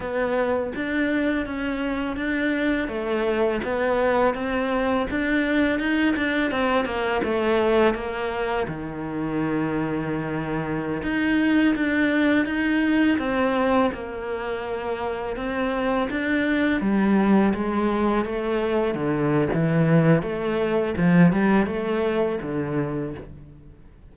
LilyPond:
\new Staff \with { instrumentName = "cello" } { \time 4/4 \tempo 4 = 83 b4 d'4 cis'4 d'4 | a4 b4 c'4 d'4 | dis'8 d'8 c'8 ais8 a4 ais4 | dis2.~ dis16 dis'8.~ |
dis'16 d'4 dis'4 c'4 ais8.~ | ais4~ ais16 c'4 d'4 g8.~ | g16 gis4 a4 d8. e4 | a4 f8 g8 a4 d4 | }